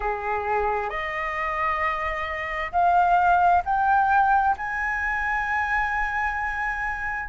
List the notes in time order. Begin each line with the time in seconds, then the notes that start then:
0.00 G#4
0.89 D#5
2.71 F5
3.64 G5
4.57 G#5